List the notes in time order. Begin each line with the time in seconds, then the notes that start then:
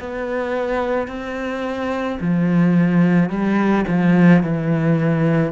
0.00 B3
1.08 C4
2.21 F3
3.29 G3
3.87 F3
4.43 E3